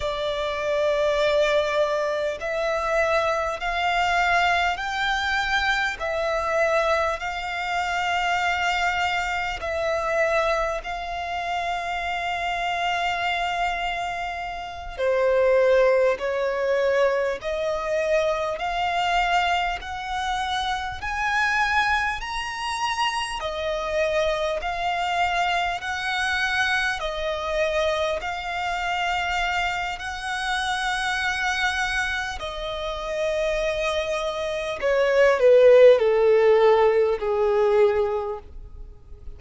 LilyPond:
\new Staff \with { instrumentName = "violin" } { \time 4/4 \tempo 4 = 50 d''2 e''4 f''4 | g''4 e''4 f''2 | e''4 f''2.~ | f''8 c''4 cis''4 dis''4 f''8~ |
f''8 fis''4 gis''4 ais''4 dis''8~ | dis''8 f''4 fis''4 dis''4 f''8~ | f''4 fis''2 dis''4~ | dis''4 cis''8 b'8 a'4 gis'4 | }